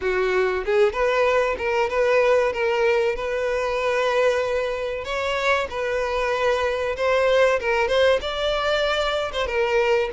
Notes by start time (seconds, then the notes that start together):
0.01 F#4
0.65 G#4
0.92 B4
1.58 A#4
1.89 B4
2.53 A#4
3.15 B4
5.04 C#5
5.70 B4
6.96 C5
7.60 A#4
7.88 C5
8.21 D5
9.32 C5
9.46 A#4